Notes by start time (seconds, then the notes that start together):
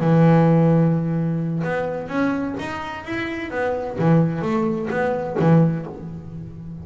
0.00 E3
1.64 B3
2.08 C#4
2.59 D#4
3.04 E4
3.51 B3
3.99 E3
4.42 A3
4.90 B3
5.40 E3